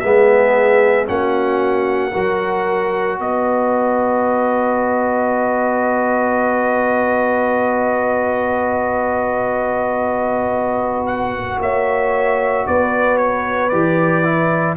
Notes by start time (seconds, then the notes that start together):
0.00 G#3 B3 G#4 E5
1.06 A#3 C#4 F#4 F#5
2.12 F#3 F#4 A#4
3.19 B3 B4 D#5
11.07 F#5
11.60 A#3 C#5 E5
12.67 B3 B4 D5
13.17 C#5
13.69 E3 G4 D5
14.24 E4